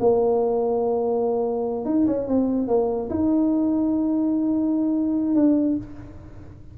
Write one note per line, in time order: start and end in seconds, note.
0.00 1.85 A#3
1.85 2.06 D#4
2.07 2.27 C#4
2.27 2.68 C4
2.68 3.09 A#3
3.10 5.35 D#4
5.35 5.77 D4